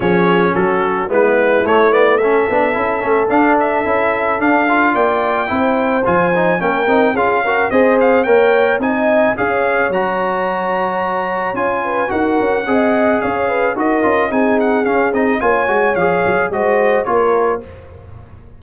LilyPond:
<<
  \new Staff \with { instrumentName = "trumpet" } { \time 4/4 \tempo 4 = 109 cis''4 a'4 b'4 cis''8 d''8 | e''2 f''8 e''4. | f''4 g''2 gis''4 | g''4 f''4 dis''8 f''8 g''4 |
gis''4 f''4 ais''2~ | ais''4 gis''4 fis''2 | f''4 dis''4 gis''8 fis''8 f''8 dis''8 | gis''4 f''4 dis''4 cis''4 | }
  \new Staff \with { instrumentName = "horn" } { \time 4/4 gis'4 fis'4 e'2 | a'1~ | a'4 d''4 c''2 | ais'4 gis'8 ais'8 c''4 cis''4 |
dis''4 cis''2.~ | cis''4. b'8 ais'4 dis''4 | cis''8 b'8 ais'4 gis'2 | cis''2 c''4 ais'4 | }
  \new Staff \with { instrumentName = "trombone" } { \time 4/4 cis'2 b4 a8 b8 | cis'8 d'8 e'8 cis'8 d'4 e'4 | d'8 f'4. e'4 f'8 dis'8 | cis'8 dis'8 f'8 fis'8 gis'4 ais'4 |
dis'4 gis'4 fis'2~ | fis'4 f'4 fis'4 gis'4~ | gis'4 fis'8 f'8 dis'4 cis'8 dis'8 | f'8 fis'8 gis'4 fis'4 f'4 | }
  \new Staff \with { instrumentName = "tuba" } { \time 4/4 f4 fis4 gis4 a4~ | a8 b8 cis'8 a8 d'4 cis'4 | d'4 ais4 c'4 f4 | ais8 c'8 cis'4 c'4 ais4 |
c'4 cis'4 fis2~ | fis4 cis'4 dis'8 cis'8 c'4 | cis'4 dis'8 cis'8 c'4 cis'8 c'8 | ais8 gis8 f8 fis8 gis4 ais4 | }
>>